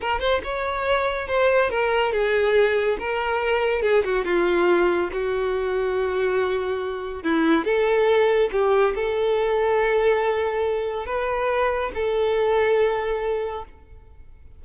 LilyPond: \new Staff \with { instrumentName = "violin" } { \time 4/4 \tempo 4 = 141 ais'8 c''8 cis''2 c''4 | ais'4 gis'2 ais'4~ | ais'4 gis'8 fis'8 f'2 | fis'1~ |
fis'4 e'4 a'2 | g'4 a'2.~ | a'2 b'2 | a'1 | }